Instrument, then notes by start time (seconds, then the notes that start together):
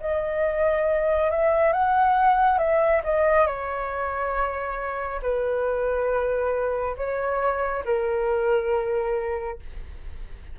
flute
0.00 D#5
1.30 E5
1.72 F#5
2.58 E5
3.04 D#5
3.47 C#5
5.22 B4
6.97 C#5
7.85 A#4